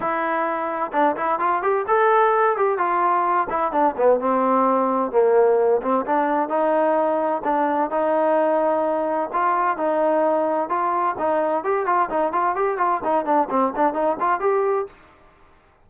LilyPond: \new Staff \with { instrumentName = "trombone" } { \time 4/4 \tempo 4 = 129 e'2 d'8 e'8 f'8 g'8 | a'4. g'8 f'4. e'8 | d'8 b8 c'2 ais4~ | ais8 c'8 d'4 dis'2 |
d'4 dis'2. | f'4 dis'2 f'4 | dis'4 g'8 f'8 dis'8 f'8 g'8 f'8 | dis'8 d'8 c'8 d'8 dis'8 f'8 g'4 | }